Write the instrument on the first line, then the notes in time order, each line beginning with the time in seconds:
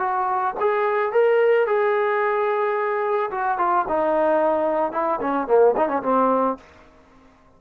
trombone
0.00 F#4
0.60 G#4
1.13 A#4
1.67 G#4
3.31 F#4
3.58 F4
3.89 D#4
4.93 E4
5.21 C#4
5.48 A#3
5.77 D#4
5.89 C#4
6.03 C4